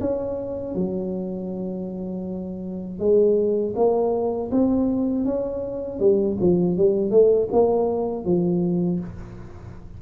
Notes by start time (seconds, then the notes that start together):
0.00 C#4
0.74 F#3
2.99 G#3
3.75 A#3
4.51 C4
5.24 C#4
5.99 G3
6.40 F3
6.76 G3
7.10 A3
7.51 A#3
8.24 F3